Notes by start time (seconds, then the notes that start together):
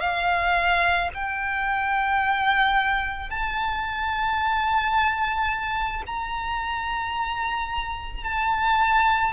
0.00 F5
1.14 G5
3.30 A5
6.06 A#5
8.24 A5